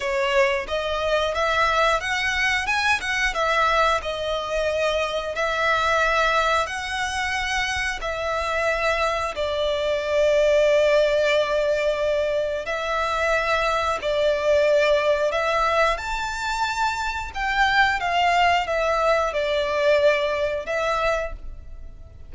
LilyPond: \new Staff \with { instrumentName = "violin" } { \time 4/4 \tempo 4 = 90 cis''4 dis''4 e''4 fis''4 | gis''8 fis''8 e''4 dis''2 | e''2 fis''2 | e''2 d''2~ |
d''2. e''4~ | e''4 d''2 e''4 | a''2 g''4 f''4 | e''4 d''2 e''4 | }